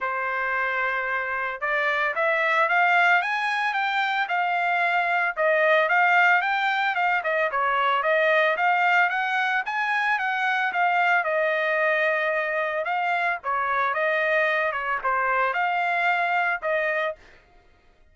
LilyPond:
\new Staff \with { instrumentName = "trumpet" } { \time 4/4 \tempo 4 = 112 c''2. d''4 | e''4 f''4 gis''4 g''4 | f''2 dis''4 f''4 | g''4 f''8 dis''8 cis''4 dis''4 |
f''4 fis''4 gis''4 fis''4 | f''4 dis''2. | f''4 cis''4 dis''4. cis''8 | c''4 f''2 dis''4 | }